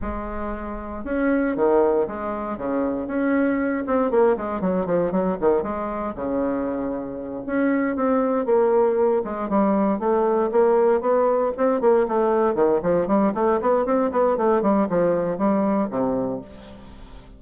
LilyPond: \new Staff \with { instrumentName = "bassoon" } { \time 4/4 \tempo 4 = 117 gis2 cis'4 dis4 | gis4 cis4 cis'4. c'8 | ais8 gis8 fis8 f8 fis8 dis8 gis4 | cis2~ cis8 cis'4 c'8~ |
c'8 ais4. gis8 g4 a8~ | a8 ais4 b4 c'8 ais8 a8~ | a8 dis8 f8 g8 a8 b8 c'8 b8 | a8 g8 f4 g4 c4 | }